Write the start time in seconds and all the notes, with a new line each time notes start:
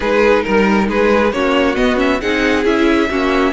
0.00 G#3 D#4 G#4 B4
0.43 G3 A#4
0.88 G#3 G#4 B4
1.32 A#3 C#4 F#4 C#5
1.75 B3 D#5
1.95 C#4 E5
2.20 C4 D#4 G#4 F#5
2.64 C#4 E4 E5
3.10 A#3 C#4 F#4